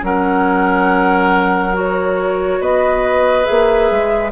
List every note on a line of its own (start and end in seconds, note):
0.00 2.60 F#3
0.00 1.71 C#4
0.00 2.60 A#4
0.00 1.76 F#5
1.73 3.44 F#4
1.73 2.62 C#5
2.60 3.46 B3
2.60 4.32 B4
2.60 3.45 D#5
3.44 3.91 A#3
3.44 4.30 G#4
3.44 4.31 E5
3.91 4.32 G#3